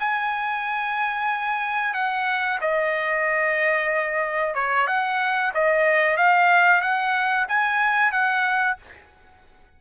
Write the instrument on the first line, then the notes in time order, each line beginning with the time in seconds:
trumpet
0.00 G#5
1.94 F#5
2.61 D#5
4.55 C#5
4.87 F#5
5.54 D#5
6.17 F5
6.82 F#5
7.49 G#5
8.12 F#5